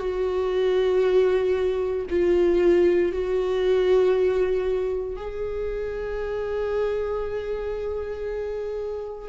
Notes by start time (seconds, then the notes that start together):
0.00 F#4
2.10 F4
3.13 F#4
5.17 G#4